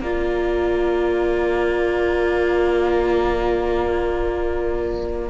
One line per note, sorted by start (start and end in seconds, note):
0.00 5.29 A#3
0.00 5.30 F4
0.00 5.30 D5
0.00 5.30 A#5